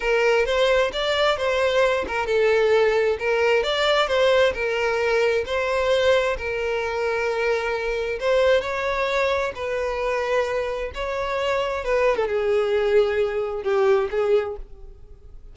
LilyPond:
\new Staff \with { instrumentName = "violin" } { \time 4/4 \tempo 4 = 132 ais'4 c''4 d''4 c''4~ | c''8 ais'8 a'2 ais'4 | d''4 c''4 ais'2 | c''2 ais'2~ |
ais'2 c''4 cis''4~ | cis''4 b'2. | cis''2 b'8. a'16 gis'4~ | gis'2 g'4 gis'4 | }